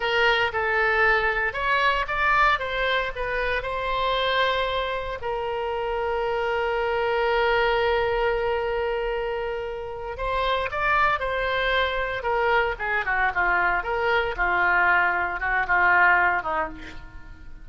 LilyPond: \new Staff \with { instrumentName = "oboe" } { \time 4/4 \tempo 4 = 115 ais'4 a'2 cis''4 | d''4 c''4 b'4 c''4~ | c''2 ais'2~ | ais'1~ |
ais'2.~ ais'8 c''8~ | c''8 d''4 c''2 ais'8~ | ais'8 gis'8 fis'8 f'4 ais'4 f'8~ | f'4. fis'8 f'4. dis'8 | }